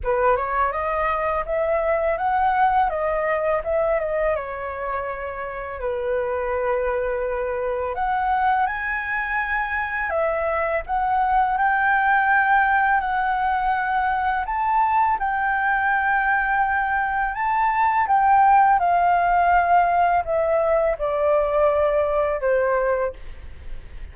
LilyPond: \new Staff \with { instrumentName = "flute" } { \time 4/4 \tempo 4 = 83 b'8 cis''8 dis''4 e''4 fis''4 | dis''4 e''8 dis''8 cis''2 | b'2. fis''4 | gis''2 e''4 fis''4 |
g''2 fis''2 | a''4 g''2. | a''4 g''4 f''2 | e''4 d''2 c''4 | }